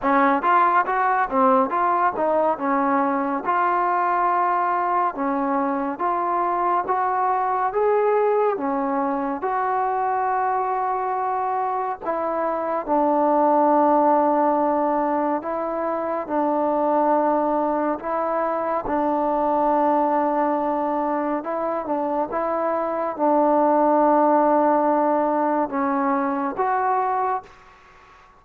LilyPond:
\new Staff \with { instrumentName = "trombone" } { \time 4/4 \tempo 4 = 70 cis'8 f'8 fis'8 c'8 f'8 dis'8 cis'4 | f'2 cis'4 f'4 | fis'4 gis'4 cis'4 fis'4~ | fis'2 e'4 d'4~ |
d'2 e'4 d'4~ | d'4 e'4 d'2~ | d'4 e'8 d'8 e'4 d'4~ | d'2 cis'4 fis'4 | }